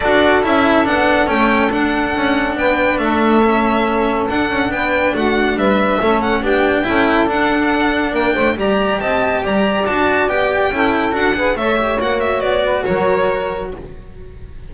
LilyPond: <<
  \new Staff \with { instrumentName = "violin" } { \time 4/4 \tempo 4 = 140 d''4 e''4 fis''4 g''4 | fis''2 g''4 e''4~ | e''2 fis''4 g''4 | fis''4 e''4. fis''8 g''4~ |
g''4 fis''2 g''4 | ais''4 a''4 ais''4 a''4 | g''2 fis''4 e''4 | fis''8 e''8 d''4 cis''2 | }
  \new Staff \with { instrumentName = "saxophone" } { \time 4/4 a'1~ | a'2 b'4 a'4~ | a'2. b'4 | fis'4 b'4 a'4 g'4 |
a'2. ais'8 c''8 | d''4 dis''4 d''2~ | d''4 a'4. b'8 cis''4~ | cis''4. b'8 ais'2 | }
  \new Staff \with { instrumentName = "cello" } { \time 4/4 fis'4 e'4 d'4 cis'4 | d'1 | cis'2 d'2~ | d'2 cis'4 d'4 |
e'4 d'2. | g'2. fis'4 | g'4 e'4 fis'8 gis'8 a'8 g'8 | fis'1 | }
  \new Staff \with { instrumentName = "double bass" } { \time 4/4 d'4 cis'4 b4 a4 | d'4 cis'4 b4 a4~ | a2 d'8 cis'8 b4 | a4 g4 a4 b4 |
cis'4 d'2 ais8 a8 | g4 c'4 g4 d'4 | b4 cis'4 d'4 a4 | ais4 b4 fis2 | }
>>